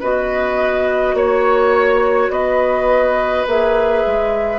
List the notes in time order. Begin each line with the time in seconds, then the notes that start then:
0.00 B3 F#4 B4 D#5
1.14 A#3 C#5
2.29 B3 B4 D#5
3.47 A#3 G#4 E5
4.06 G#3